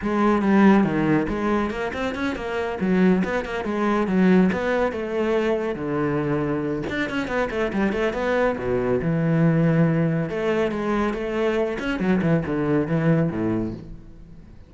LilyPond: \new Staff \with { instrumentName = "cello" } { \time 4/4 \tempo 4 = 140 gis4 g4 dis4 gis4 | ais8 c'8 cis'8 ais4 fis4 b8 | ais8 gis4 fis4 b4 a8~ | a4. d2~ d8 |
d'8 cis'8 b8 a8 g8 a8 b4 | b,4 e2. | a4 gis4 a4. cis'8 | fis8 e8 d4 e4 a,4 | }